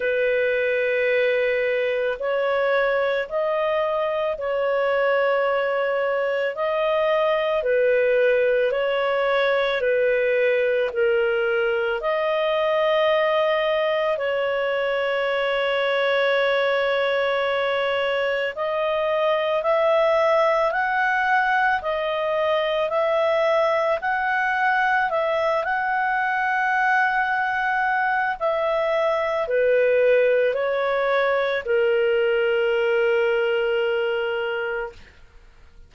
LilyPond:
\new Staff \with { instrumentName = "clarinet" } { \time 4/4 \tempo 4 = 55 b'2 cis''4 dis''4 | cis''2 dis''4 b'4 | cis''4 b'4 ais'4 dis''4~ | dis''4 cis''2.~ |
cis''4 dis''4 e''4 fis''4 | dis''4 e''4 fis''4 e''8 fis''8~ | fis''2 e''4 b'4 | cis''4 ais'2. | }